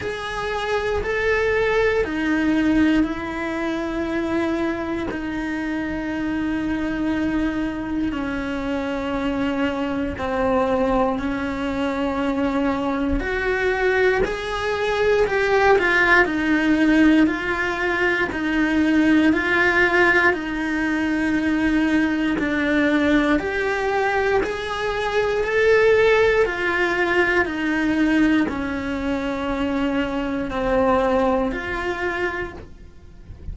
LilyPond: \new Staff \with { instrumentName = "cello" } { \time 4/4 \tempo 4 = 59 gis'4 a'4 dis'4 e'4~ | e'4 dis'2. | cis'2 c'4 cis'4~ | cis'4 fis'4 gis'4 g'8 f'8 |
dis'4 f'4 dis'4 f'4 | dis'2 d'4 g'4 | gis'4 a'4 f'4 dis'4 | cis'2 c'4 f'4 | }